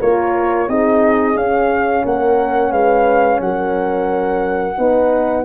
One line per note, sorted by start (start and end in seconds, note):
0.00 0.69 A#3
0.00 0.68 F4
0.00 0.68 A#4
0.00 0.69 C#5
0.68 1.36 C4
0.68 1.37 D#4
0.68 2.05 G#4
0.68 1.37 D#5
1.36 2.04 C#4
1.36 4.77 C#4
1.36 2.06 F5
2.05 2.72 A#3
2.05 2.72 A#4
2.05 2.72 F#5
2.72 3.40 G#3
2.72 3.40 B4
2.72 3.40 F5
3.41 4.78 F#3
3.41 4.78 A#4
3.41 5.46 F#5
4.77 5.46 B3
4.77 5.45 D#4
4.77 5.46 B4